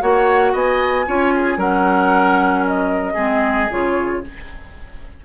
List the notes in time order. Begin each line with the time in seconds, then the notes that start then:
0.00 A#3 F#4 C#5 F#5
0.52 B3 D#5 G#5
1.06 C#4 F4 C#5
1.35 G#4
1.57 F#3 C#4 A#4 F#5
2.66 D#5
3.13 G#3 C4 G#4
3.70 C#3 F4 C#5